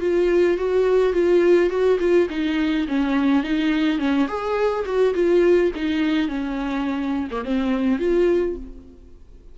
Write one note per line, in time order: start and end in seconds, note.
0.00 0.57 F4
0.57 1.13 F#4
1.13 1.70 F4
1.70 1.98 F#4
1.99 2.28 F4
2.30 2.87 D#4
2.88 3.43 C#4
3.43 3.99 D#4
3.99 4.27 C#4
4.28 4.85 G#4
4.85 5.14 F#4
5.14 5.71 F4
5.75 6.28 D#4
6.28 7.28 C#4
7.31 7.45 A#3
7.45 7.99 C4
7.99 8.56 F4